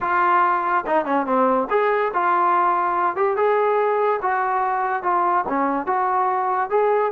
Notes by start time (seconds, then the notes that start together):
0.00 F4
0.86 D#4
1.05 C#4
1.26 C4
1.70 G#4
2.13 F4
3.16 G4
3.36 G#4
4.21 F#4
5.02 F4
5.48 C#4
5.86 F#4
6.70 G#4